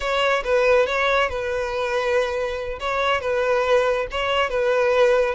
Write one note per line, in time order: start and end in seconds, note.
0.00 0.43 C#5
0.44 0.86 B4
0.86 1.29 C#5
1.29 2.79 B4
2.79 3.20 C#5
3.20 4.06 B4
4.11 4.49 C#5
4.49 5.34 B4